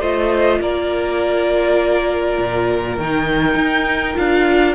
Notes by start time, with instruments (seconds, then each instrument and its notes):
0.00 cello A3, viola F4, violin C5 D#5
0.60 cello A#3, violin A#4 D5
2.38 cello A#2
2.98 cello D#3, viola D#4, violin G5
3.55 cello D#4
4.15 cello D4, viola F4, violin F5